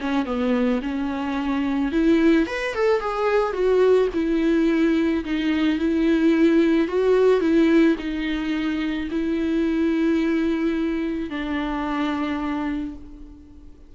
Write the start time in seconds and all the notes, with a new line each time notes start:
0.00 C#4
0.26 B3
0.82 C#4
1.92 E4
2.46 B4
2.74 A4
3.00 G#4
3.53 F#4
4.14 E4
5.24 D#4
5.79 E4
6.88 F#4
7.41 E4
7.98 D#4
9.11 E4
11.30 D4